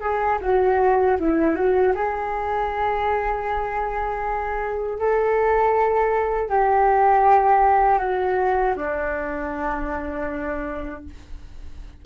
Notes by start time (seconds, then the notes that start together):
0.00 G#4
0.41 F#4
1.19 E4
1.55 F#4
1.94 G#4
4.99 A4
6.49 G4
7.98 F#4
8.76 D4